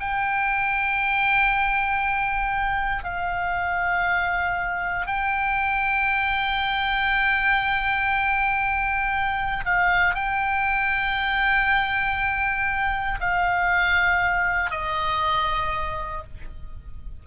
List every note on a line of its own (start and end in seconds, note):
0.00 3.04 G5
3.04 5.07 F5
5.07 9.65 G5
9.65 10.15 F5
10.15 13.20 G5
13.21 14.71 F5
14.71 16.23 D#5